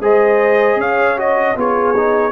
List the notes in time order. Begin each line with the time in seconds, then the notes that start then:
0.00 G#3 G#4 C5 D#5
0.76 C#4 C#5 F5
1.17 F#4 D#5
1.56 B3 F4 G#4 C#5
1.96 D#4